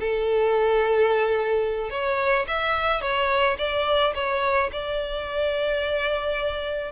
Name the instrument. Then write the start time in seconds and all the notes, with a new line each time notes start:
violin
0.00 A4
1.91 C#5
2.48 E5
3.02 C#5
3.59 D5
4.15 C#5
4.73 D5